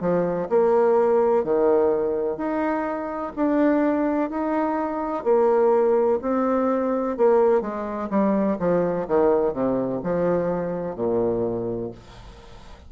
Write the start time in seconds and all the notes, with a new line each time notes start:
0.00 F3
0.49 A#3
1.44 D#3
2.37 D#4
3.36 D4
4.30 D#4
5.24 A#3
6.22 C4
7.17 A#3
7.61 G#3
8.10 G3
8.59 F3
9.07 D#3
9.53 C3
10.03 F3
10.96 A#2